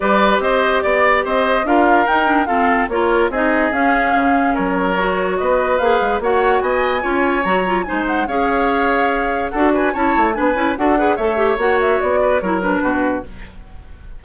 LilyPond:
<<
  \new Staff \with { instrumentName = "flute" } { \time 4/4 \tempo 4 = 145 d''4 dis''4 d''4 dis''4 | f''4 g''4 f''4 cis''4 | dis''4 f''2 cis''4~ | cis''4 dis''4 f''4 fis''4 |
gis''2 ais''4 gis''8 fis''8 | f''2. fis''8 gis''8 | a''4 gis''4 fis''4 e''4 | fis''8 e''8 d''4 cis''8 b'4. | }
  \new Staff \with { instrumentName = "oboe" } { \time 4/4 b'4 c''4 d''4 c''4 | ais'2 a'4 ais'4 | gis'2. ais'4~ | ais'4 b'2 cis''4 |
dis''4 cis''2 c''4 | cis''2. a'8 b'8 | cis''4 b'4 a'8 b'8 cis''4~ | cis''4. b'8 ais'4 fis'4 | }
  \new Staff \with { instrumentName = "clarinet" } { \time 4/4 g'1 | f'4 dis'8 d'8 c'4 f'4 | dis'4 cis'2. | fis'2 gis'4 fis'4~ |
fis'4 f'4 fis'8 f'8 dis'4 | gis'2. fis'4 | e'4 d'8 e'8 fis'8 gis'8 a'8 g'8 | fis'2 e'8 d'4. | }
  \new Staff \with { instrumentName = "bassoon" } { \time 4/4 g4 c'4 b4 c'4 | d'4 dis'4 f'4 ais4 | c'4 cis'4 cis4 fis4~ | fis4 b4 ais8 gis8 ais4 |
b4 cis'4 fis4 gis4 | cis'2. d'4 | cis'8 a8 b8 cis'8 d'4 a4 | ais4 b4 fis4 b,4 | }
>>